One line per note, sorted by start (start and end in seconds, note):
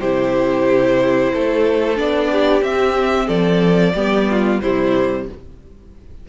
0.00 1.32 C3
0.00 1.95 E4
0.00 1.32 G4
0.00 1.98 C5
1.33 1.98 A3
1.33 2.31 A4
1.95 2.62 B3
1.95 2.61 D4
1.95 2.63 D5
2.31 3.26 G4
2.61 3.93 C4
2.61 3.27 C4
2.61 3.28 E5
3.26 3.94 F3
3.26 3.92 A4
3.26 4.60 D5
3.95 4.61 G3
3.95 4.62 B3
3.95 4.28 G4
4.30 4.62 F4
4.60 5.28 C3
4.60 5.28 G3
4.60 5.28 E4
4.60 5.26 C5